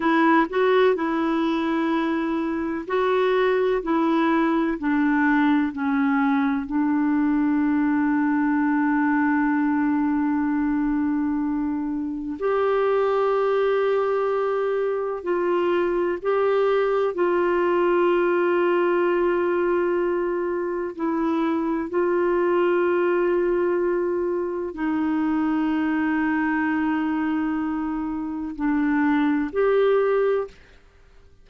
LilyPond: \new Staff \with { instrumentName = "clarinet" } { \time 4/4 \tempo 4 = 63 e'8 fis'8 e'2 fis'4 | e'4 d'4 cis'4 d'4~ | d'1~ | d'4 g'2. |
f'4 g'4 f'2~ | f'2 e'4 f'4~ | f'2 dis'2~ | dis'2 d'4 g'4 | }